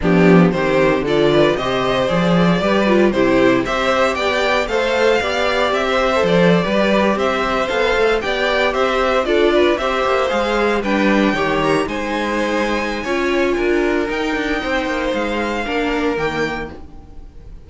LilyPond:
<<
  \new Staff \with { instrumentName = "violin" } { \time 4/4 \tempo 4 = 115 g'4 c''4 d''4 dis''4 | d''2 c''4 e''4 | g''4 f''2 e''4 | d''4.~ d''16 e''4 f''4 g''16~ |
g''8. e''4 d''4 e''4 f''16~ | f''8. g''4. ais''8 gis''4~ gis''16~ | gis''2. g''4~ | g''4 f''2 g''4 | }
  \new Staff \with { instrumentName = "violin" } { \time 4/4 d'4 g'4 a'8 b'8 c''4~ | c''4 b'4 g'4 c''4 | d''4 c''4 d''4~ d''16 c''8.~ | c''8. b'4 c''2 d''16~ |
d''8. c''4 a'8 b'8 c''4~ c''16~ | c''8. b'4 cis''4 c''4~ c''16~ | c''4 cis''4 ais'2 | c''2 ais'2 | }
  \new Staff \with { instrumentName = "viola" } { \time 4/4 b4 c'4 f'4 g'4 | gis'4 g'8 f'8 e'4 g'4~ | g'4 a'4 g'4.~ g'16 a'16~ | a'8. g'2 a'4 g'16~ |
g'4.~ g'16 f'4 g'4 gis'16~ | gis'8. d'4 g'4 dis'4~ dis'16~ | dis'4 f'2 dis'4~ | dis'2 d'4 ais4 | }
  \new Staff \with { instrumentName = "cello" } { \time 4/4 f4 dis4 d4 c4 | f4 g4 c4 c'4 | b4 a4 b4 c'4 | f8. g4 c'4 b8 a8 b16~ |
b8. c'4 d'4 c'8 ais8 gis16~ | gis8. g4 dis4 gis4~ gis16~ | gis4 cis'4 d'4 dis'8 d'8 | c'8 ais8 gis4 ais4 dis4 | }
>>